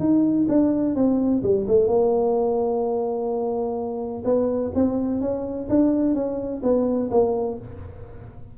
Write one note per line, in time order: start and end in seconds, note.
0.00 0.47 D#4
0.49 0.95 D4
0.95 1.43 C4
1.43 1.67 G3
1.68 1.87 A3
1.87 4.24 A#3
4.25 4.72 B3
4.75 5.21 C4
5.21 5.68 C#4
5.69 6.15 D4
6.15 6.62 C#4
6.63 7.10 B3
7.11 7.58 A#3